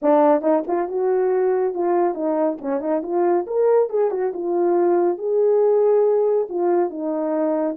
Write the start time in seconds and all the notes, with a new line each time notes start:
0.02 D4
0.41 D#4
0.67 F4
0.88 F#4
1.73 F4
2.14 D#4
2.61 C#4
2.80 D#4
3.03 F4
3.46 A#4
3.89 G#4
4.10 F#4
4.33 F4
5.18 G#4
6.49 F4
6.90 D#4